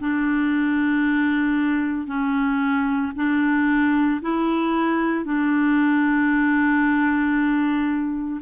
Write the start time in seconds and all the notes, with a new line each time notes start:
0.00 D4
2.08 C#4
3.16 D4
4.22 E4
5.25 D4